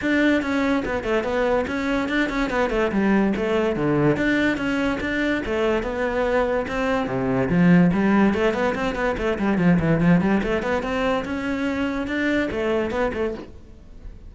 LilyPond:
\new Staff \with { instrumentName = "cello" } { \time 4/4 \tempo 4 = 144 d'4 cis'4 b8 a8 b4 | cis'4 d'8 cis'8 b8 a8 g4 | a4 d4 d'4 cis'4 | d'4 a4 b2 |
c'4 c4 f4 g4 | a8 b8 c'8 b8 a8 g8 f8 e8 | f8 g8 a8 b8 c'4 cis'4~ | cis'4 d'4 a4 b8 a8 | }